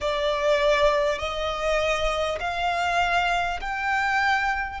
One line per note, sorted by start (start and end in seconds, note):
0.00 1.18 D5
1.18 2.38 D#5
2.39 3.59 F5
3.60 4.80 G5